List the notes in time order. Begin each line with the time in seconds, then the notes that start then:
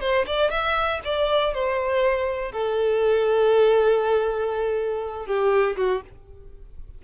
0.00 C5
0.26 D5
0.50 E5
1.04 D5
1.53 C5
2.51 A4
5.26 G4
5.76 F#4